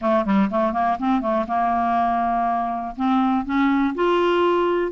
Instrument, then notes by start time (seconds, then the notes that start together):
clarinet
0.01 A3
0.25 G3
0.50 A3
0.72 A#3
0.99 C4
1.21 A3
1.47 A#3
2.96 C4
3.45 C#4
3.94 F4